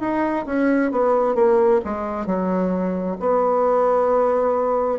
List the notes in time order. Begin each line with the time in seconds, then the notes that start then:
0.00 D#4
0.46 C#4
0.91 B3
1.35 A#3
1.85 G#3
2.26 F#3
3.20 B3